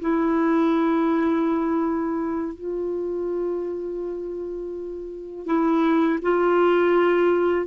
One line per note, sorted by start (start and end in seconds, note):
0.00 2.54 E4
2.54 5.46 F4
5.46 6.19 E4
6.22 7.66 F4